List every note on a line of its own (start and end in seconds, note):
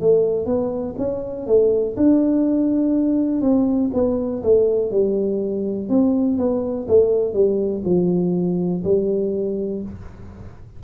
0.00 0.46 A3
0.46 0.95 B3
0.97 1.46 C#4
1.46 1.95 A3
1.96 3.41 D4
3.41 3.90 C4
3.93 4.42 B3
4.43 4.91 A3
4.91 5.89 G3
5.89 6.38 C4
6.38 6.87 B3
6.88 7.33 A3
7.33 7.82 G3
7.85 8.83 F3
8.83 9.82 G3